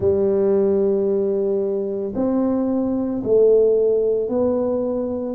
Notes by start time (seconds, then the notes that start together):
0.00 G3
2.15 C4
3.23 A3
4.29 B3